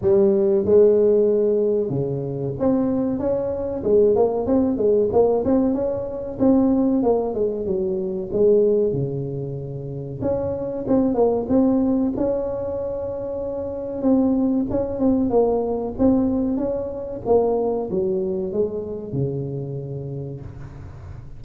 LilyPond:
\new Staff \with { instrumentName = "tuba" } { \time 4/4 \tempo 4 = 94 g4 gis2 cis4 | c'4 cis'4 gis8 ais8 c'8 gis8 | ais8 c'8 cis'4 c'4 ais8 gis8 | fis4 gis4 cis2 |
cis'4 c'8 ais8 c'4 cis'4~ | cis'2 c'4 cis'8 c'8 | ais4 c'4 cis'4 ais4 | fis4 gis4 cis2 | }